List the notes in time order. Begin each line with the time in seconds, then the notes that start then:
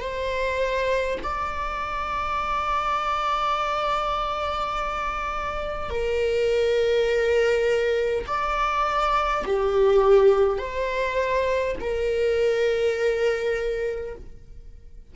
0.00 C5
1.23 D5
5.90 A#4
8.27 D5
9.45 G4
10.58 C5
11.80 A#4